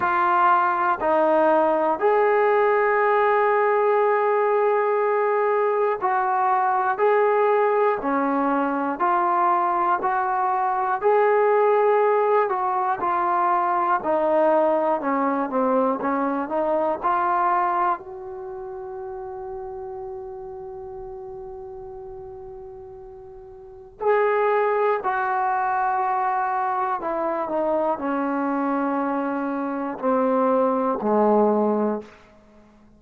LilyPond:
\new Staff \with { instrumentName = "trombone" } { \time 4/4 \tempo 4 = 60 f'4 dis'4 gis'2~ | gis'2 fis'4 gis'4 | cis'4 f'4 fis'4 gis'4~ | gis'8 fis'8 f'4 dis'4 cis'8 c'8 |
cis'8 dis'8 f'4 fis'2~ | fis'1 | gis'4 fis'2 e'8 dis'8 | cis'2 c'4 gis4 | }